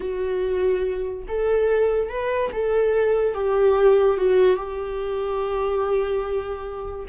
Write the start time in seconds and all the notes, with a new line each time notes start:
0.00 F#4
1.27 A4
2.09 B4
2.52 A4
3.34 G4
4.17 F#4
4.56 G4